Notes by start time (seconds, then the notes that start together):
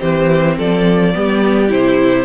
0.00 E3 C4 G4 C5
0.58 F3 A4 D5
1.14 G3 B3 G4
1.69 C3 E4 C5